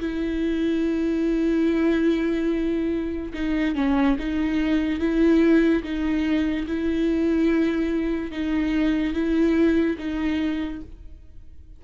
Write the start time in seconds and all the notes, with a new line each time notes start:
0.00 E4
3.34 D#4
3.75 C#4
4.19 D#4
5.00 E4
5.83 D#4
6.67 E4
8.31 D#4
9.14 E4
9.98 D#4